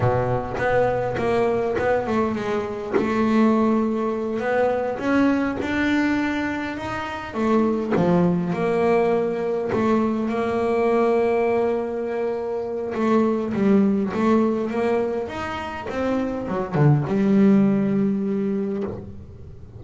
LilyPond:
\new Staff \with { instrumentName = "double bass" } { \time 4/4 \tempo 4 = 102 b,4 b4 ais4 b8 a8 | gis4 a2~ a8 b8~ | b8 cis'4 d'2 dis'8~ | dis'8 a4 f4 ais4.~ |
ais8 a4 ais2~ ais8~ | ais2 a4 g4 | a4 ais4 dis'4 c'4 | fis8 d8 g2. | }